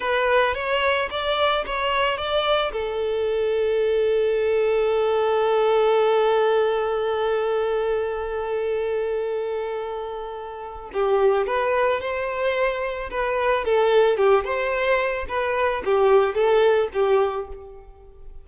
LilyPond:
\new Staff \with { instrumentName = "violin" } { \time 4/4 \tempo 4 = 110 b'4 cis''4 d''4 cis''4 | d''4 a'2.~ | a'1~ | a'1~ |
a'1 | g'4 b'4 c''2 | b'4 a'4 g'8 c''4. | b'4 g'4 a'4 g'4 | }